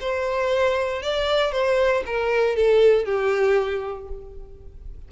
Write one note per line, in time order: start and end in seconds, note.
0.00 1.02 C5
1.02 1.52 D5
1.52 2.03 C5
2.06 2.56 A#4
2.56 3.05 A4
3.05 4.08 G4